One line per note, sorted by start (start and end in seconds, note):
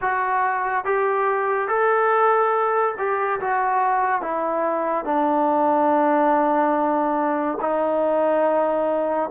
0.01 0.85 F#4
0.85 1.68 G4
1.68 2.95 A4
2.98 3.40 G4
3.40 4.21 F#4
4.21 5.04 E4
5.04 7.58 D4
7.61 9.30 D#4